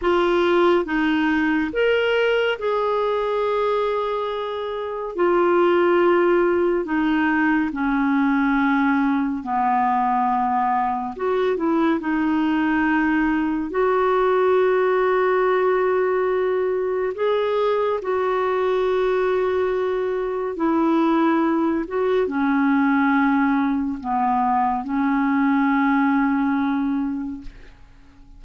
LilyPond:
\new Staff \with { instrumentName = "clarinet" } { \time 4/4 \tempo 4 = 70 f'4 dis'4 ais'4 gis'4~ | gis'2 f'2 | dis'4 cis'2 b4~ | b4 fis'8 e'8 dis'2 |
fis'1 | gis'4 fis'2. | e'4. fis'8 cis'2 | b4 cis'2. | }